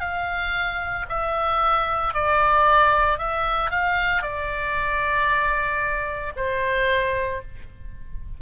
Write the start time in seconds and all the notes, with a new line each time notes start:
0.00 F5
1.09 E5
2.13 D5
3.18 E5
3.71 F5
4.22 D5
6.36 C5